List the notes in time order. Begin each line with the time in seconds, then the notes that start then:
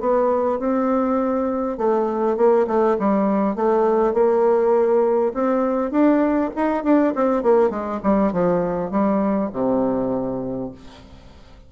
0.00 B3
0.60 C4
1.78 A3
2.37 A#3
2.68 A3
2.99 G3
3.56 A3
4.14 A#3
5.34 C4
5.91 D4
6.56 D#4
6.84 D4
7.15 C4
7.43 A#3
7.70 G#3
8.04 G3
8.32 F3
8.91 G3
9.53 C3